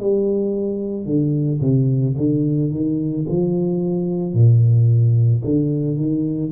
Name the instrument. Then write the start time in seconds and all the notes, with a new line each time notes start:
tuba
0.00 G3
1.06 D3
1.61 C3
2.18 D3
2.72 D#3
3.28 F3
4.34 A#2
5.44 D3
5.97 D#3